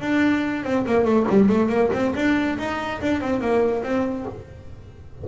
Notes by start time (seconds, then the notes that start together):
0.00 D4
0.64 C4
0.86 A#3
1.04 A3
1.29 G3
1.49 A3
1.68 A#3
1.93 C4
2.15 D4
2.58 D#4
3.01 D4
3.21 C4
3.41 A#3
3.83 C4